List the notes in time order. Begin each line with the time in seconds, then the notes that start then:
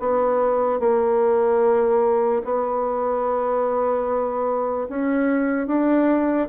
0.00 B3
0.80 A#3
2.45 B3
4.89 C#4
5.68 D4